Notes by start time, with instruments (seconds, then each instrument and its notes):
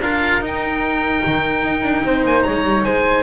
0.00 double bass D4, cello F4, flute A#4, oboe F5
0.40 double bass D#4, cello D#4, oboe G5
1.26 double bass D#3
1.62 double bass D#4
1.83 double bass D4
2.04 double bass C4, flute C5
2.24 double bass A#3, oboe G#5
2.43 double bass G#3, flute C#5, oboe A#5
2.63 double bass G3
2.85 double bass G#3, flute C5, oboe G#5